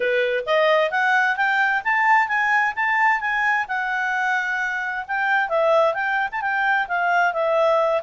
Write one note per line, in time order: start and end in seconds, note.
0.00 0.44 B4
0.45 0.90 D#5
0.90 1.36 F#5
1.36 1.82 G5
1.83 2.28 A5
2.28 2.73 G#5
2.75 3.20 A5
3.20 3.66 G#5
3.67 5.05 F#5
5.07 5.48 G5
5.48 5.94 E5
5.94 6.28 G5
6.31 6.41 A5
6.41 6.86 G5
6.88 7.33 F5
7.33 8.02 E5